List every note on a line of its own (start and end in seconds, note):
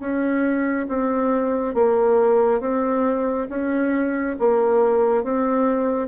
0.00 0.87 C#4
0.89 1.75 C4
1.75 2.61 A#3
2.61 3.48 C4
3.49 4.36 C#4
4.40 5.24 A#3
5.24 6.08 C4